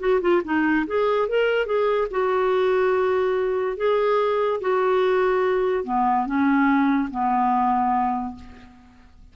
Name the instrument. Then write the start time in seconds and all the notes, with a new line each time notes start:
clarinet
0.00 F#4
0.22 F4
0.45 D#4
0.87 G#4
1.29 A#4
1.66 G#4
2.11 F#4
3.77 G#4
4.61 F#4
5.84 B3
6.26 C#4
7.11 B3